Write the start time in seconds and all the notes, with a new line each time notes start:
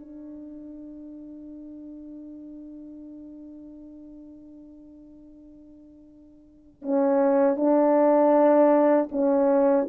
0.00 D4
6.82 C#4
7.57 D4
9.12 C#4